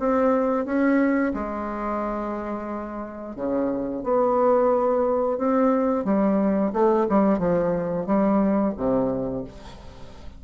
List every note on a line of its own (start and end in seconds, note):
0.00 0.66 C4
0.66 1.33 C#4
1.34 3.36 G#3
3.36 4.04 C#3
4.04 5.38 B3
5.38 6.05 C4
6.05 6.72 G3
6.74 7.07 A3
7.09 7.39 G3
7.39 8.07 F3
8.07 8.74 G3
8.77 9.45 C3